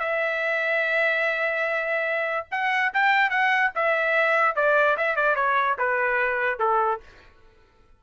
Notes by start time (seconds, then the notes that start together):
0.00 E5
2.52 F#5
2.94 G5
3.30 F#5
3.75 E5
4.56 D5
4.97 E5
5.16 D5
5.36 C#5
5.78 B4
6.60 A4